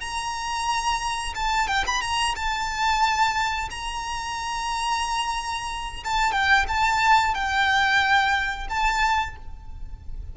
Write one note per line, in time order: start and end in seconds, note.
0.00 1.33 A#5
1.34 1.67 A5
1.67 1.84 G5
1.87 2.01 B5
2.01 2.34 A#5
2.35 3.69 A5
3.70 6.04 A#5
6.04 6.32 A5
6.32 6.65 G5
6.68 7.34 A5
7.34 8.67 G5
8.69 9.36 A5